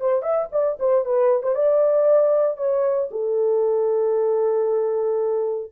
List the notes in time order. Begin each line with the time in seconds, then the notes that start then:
0.00 C5
0.22 E5
0.51 D5
0.79 C5
1.05 B4
1.42 C5
1.54 D5
2.57 C#5
3.11 A4